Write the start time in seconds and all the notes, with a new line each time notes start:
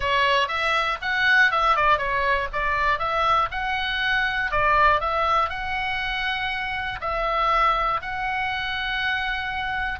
0.00 C#5
0.48 E5
1.01 F#5
1.51 E5
1.75 D5
1.97 C#5
2.52 D5
2.98 E5
3.51 F#5
4.51 D5
5.00 E5
5.49 F#5
7.00 E5
8.01 F#5